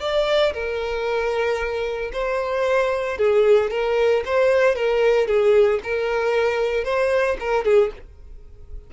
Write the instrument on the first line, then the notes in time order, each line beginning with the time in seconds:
violin
0.00 D5
0.53 A#4
2.12 C5
3.18 G#4
3.71 A#4
4.25 C5
4.75 A#4
5.27 G#4
5.83 A#4
6.84 C5
7.39 A#4
7.64 G#4